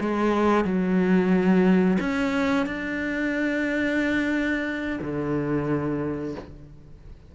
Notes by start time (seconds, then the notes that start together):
0.00 G#3
0.64 F#3
1.99 C#4
2.66 D4
5.01 D3